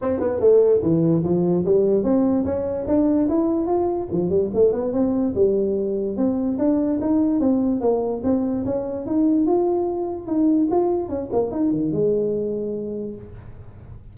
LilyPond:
\new Staff \with { instrumentName = "tuba" } { \time 4/4 \tempo 4 = 146 c'8 b8 a4 e4 f4 | g4 c'4 cis'4 d'4 | e'4 f'4 f8 g8 a8 b8 | c'4 g2 c'4 |
d'4 dis'4 c'4 ais4 | c'4 cis'4 dis'4 f'4~ | f'4 dis'4 f'4 cis'8 ais8 | dis'8 dis8 gis2. | }